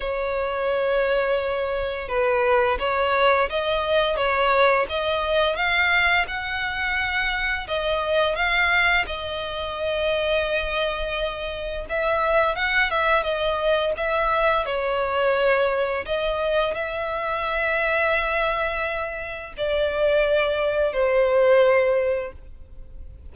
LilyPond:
\new Staff \with { instrumentName = "violin" } { \time 4/4 \tempo 4 = 86 cis''2. b'4 | cis''4 dis''4 cis''4 dis''4 | f''4 fis''2 dis''4 | f''4 dis''2.~ |
dis''4 e''4 fis''8 e''8 dis''4 | e''4 cis''2 dis''4 | e''1 | d''2 c''2 | }